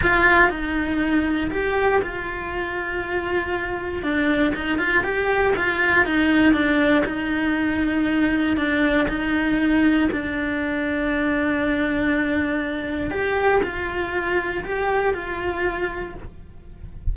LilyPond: \new Staff \with { instrumentName = "cello" } { \time 4/4 \tempo 4 = 119 f'4 dis'2 g'4 | f'1 | d'4 dis'8 f'8 g'4 f'4 | dis'4 d'4 dis'2~ |
dis'4 d'4 dis'2 | d'1~ | d'2 g'4 f'4~ | f'4 g'4 f'2 | }